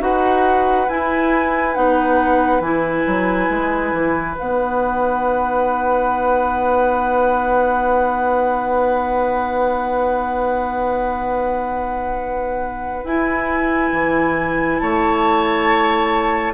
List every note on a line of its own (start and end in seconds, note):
0.00 0.87 D#4
0.00 0.87 F#4
0.00 14.81 B4
0.00 0.89 F#5
0.89 1.77 E4
0.89 1.75 E4
0.89 1.75 G#5
1.75 2.60 B3
1.75 2.62 D#4
1.75 2.62 F#5
2.60 3.04 E3
2.60 4.37 E4
2.60 4.36 G#5
3.07 3.50 F#3
3.50 3.93 G#3
3.93 4.36 E3
4.37 13.04 B3
4.37 13.06 D#4
4.37 13.06 F#5
13.04 13.91 E4
13.04 16.54 E4
13.04 14.79 G#5
13.93 14.80 E3
14.79 16.54 A3
14.79 16.54 C#5
14.79 16.53 A5